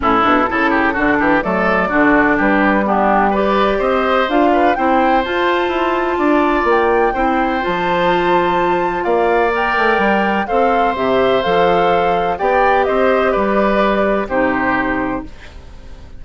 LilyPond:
<<
  \new Staff \with { instrumentName = "flute" } { \time 4/4 \tempo 4 = 126 a'2. d''4~ | d''4 b'4 g'4 d''4 | dis''4 f''4 g''4 a''4~ | a''2 g''2 |
a''2. f''4 | g''2 f''4 e''4 | f''2 g''4 dis''4 | d''2 c''2 | }
  \new Staff \with { instrumentName = "oboe" } { \time 4/4 e'4 a'8 g'8 fis'8 g'8 a'4 | fis'4 g'4 d'4 b'4 | c''4. b'8 c''2~ | c''4 d''2 c''4~ |
c''2. d''4~ | d''2 c''2~ | c''2 d''4 c''4 | b'2 g'2 | }
  \new Staff \with { instrumentName = "clarinet" } { \time 4/4 cis'8 d'8 e'4 d'4 a4 | d'2 b4 g'4~ | g'4 f'4 e'4 f'4~ | f'2. e'4 |
f'1 | ais'2 a'4 g'4 | a'2 g'2~ | g'2 dis'2 | }
  \new Staff \with { instrumentName = "bassoon" } { \time 4/4 a,8 b,8 cis4 d8 e8 fis4 | d4 g2. | c'4 d'4 c'4 f'4 | e'4 d'4 ais4 c'4 |
f2. ais4~ | ais8 a8 g4 c'4 c4 | f2 b4 c'4 | g2 c2 | }
>>